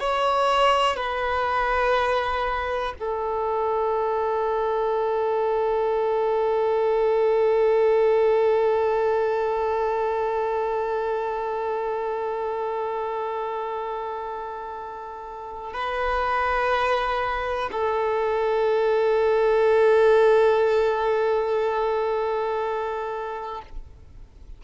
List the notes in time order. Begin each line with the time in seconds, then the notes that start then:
0.00 C#5
0.97 B4
3.00 A4
15.73 B4
17.72 A4